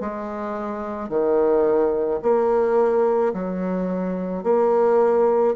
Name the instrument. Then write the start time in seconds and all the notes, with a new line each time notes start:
bassoon
0.00 G#3
1.09 D#3
2.22 A#3
3.33 F#3
4.43 A#3